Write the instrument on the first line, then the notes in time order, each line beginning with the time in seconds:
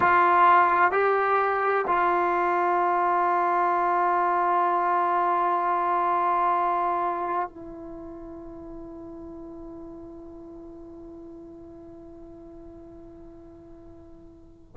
trombone
0.00 F4
0.91 G4
1.87 F4
7.48 E4